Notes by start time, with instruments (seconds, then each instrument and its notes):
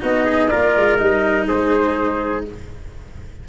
0.00 tuba B3, cello D#4, trumpet F#4, flute D#5
0.25 trumpet G#4
0.48 tuba A#3, cello F4, trumpet A#4, flute D5
0.76 tuba G#3
0.97 tuba G3, cello D#4, flute D#5
1.47 tuba G#3, trumpet G#4, flute C5